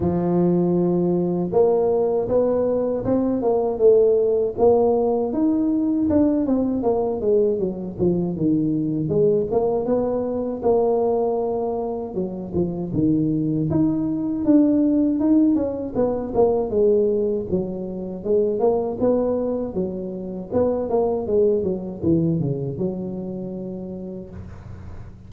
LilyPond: \new Staff \with { instrumentName = "tuba" } { \time 4/4 \tempo 4 = 79 f2 ais4 b4 | c'8 ais8 a4 ais4 dis'4 | d'8 c'8 ais8 gis8 fis8 f8 dis4 | gis8 ais8 b4 ais2 |
fis8 f8 dis4 dis'4 d'4 | dis'8 cis'8 b8 ais8 gis4 fis4 | gis8 ais8 b4 fis4 b8 ais8 | gis8 fis8 e8 cis8 fis2 | }